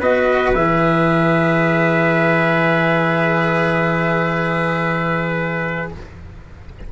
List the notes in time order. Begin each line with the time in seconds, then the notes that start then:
0.00 B3 F#4 B4 D#5
0.54 E3 G#4 E5